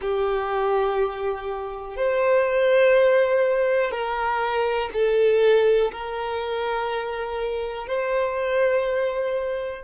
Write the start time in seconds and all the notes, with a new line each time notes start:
0.01 G4
1.96 C5
3.91 A#4
4.93 A4
5.92 A#4
7.87 C5